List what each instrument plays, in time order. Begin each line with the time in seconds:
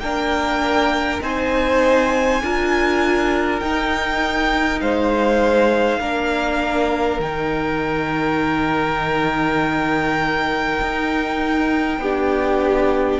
0.00 cello A#3, viola D4, violin A#4 G5
1.21 cello C4, viola D#4, violin C5 G#5
2.42 cello D4, viola F4, violin A#4
3.60 cello D#4, viola D#4, violin G5
4.81 cello G#3, violin C5 F5
6.00 cello A#3, viola D4, violin A#4
7.20 cello D#3, viola D#4, violin G5
10.81 cello D#4
11.98 cello B3, viola D4, violin G4